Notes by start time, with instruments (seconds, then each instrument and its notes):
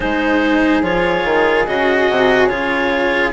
0.00 bassoon G#3, cello D#4, flute G#4, clarinet C5
0.82 bassoon F3, cello F4, clarinet C#5
1.24 bassoon D#3
1.66 bassoon C#3, cello F#4, clarinet D#5
2.09 bassoon C3
2.47 bassoon C#3, cello F4, clarinet C#5